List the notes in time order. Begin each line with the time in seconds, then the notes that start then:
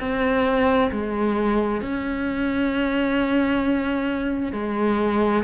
0.00 C4
0.92 G#3
1.82 C#4
4.53 G#3